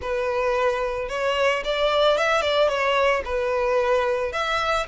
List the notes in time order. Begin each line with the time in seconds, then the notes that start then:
0.01 B4
1.09 C#5
1.64 D5
2.17 E5
2.41 D5
2.68 C#5
3.24 B4
4.32 E5